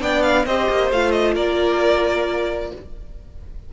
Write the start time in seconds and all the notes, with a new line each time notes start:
0.00 B3 D4 D5 G5
0.23 F5
0.46 C4 G4 C5 D#5
0.70 A#3
0.91 A3 F4 F5
1.11 D#5
1.34 A#3 A#4 D5